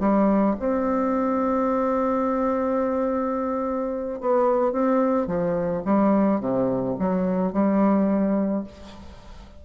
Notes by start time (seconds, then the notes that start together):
0.00 G3
0.59 C4
4.20 B3
4.72 C4
5.27 F3
5.85 G3
6.40 C3
6.99 F#3
7.53 G3